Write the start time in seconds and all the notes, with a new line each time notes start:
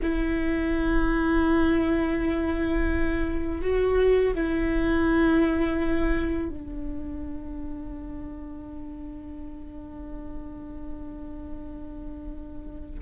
0.02 E4
3.61 F#4
4.34 E4
6.49 D4